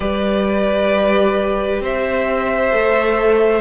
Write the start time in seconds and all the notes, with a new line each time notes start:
0.00 G3 G4 B4 D5
1.80 C4 C5 E5
2.72 A3 A4